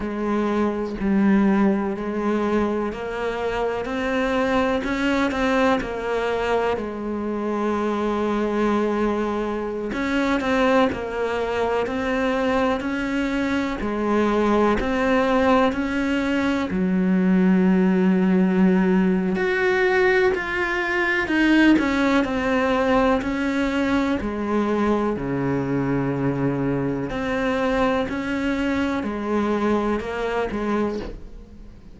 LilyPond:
\new Staff \with { instrumentName = "cello" } { \time 4/4 \tempo 4 = 62 gis4 g4 gis4 ais4 | c'4 cis'8 c'8 ais4 gis4~ | gis2~ gis16 cis'8 c'8 ais8.~ | ais16 c'4 cis'4 gis4 c'8.~ |
c'16 cis'4 fis2~ fis8. | fis'4 f'4 dis'8 cis'8 c'4 | cis'4 gis4 cis2 | c'4 cis'4 gis4 ais8 gis8 | }